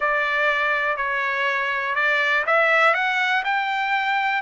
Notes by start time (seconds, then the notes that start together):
0.00 D5
0.96 C#5
1.95 D5
2.46 E5
2.94 F#5
3.44 G5